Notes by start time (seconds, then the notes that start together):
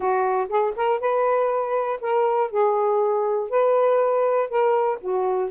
0.00 F#4
0.48 G#4
0.75 A#4
1.00 B4
2.00 A#4
2.50 G#4
3.49 B4
4.49 A#4
5.00 F#4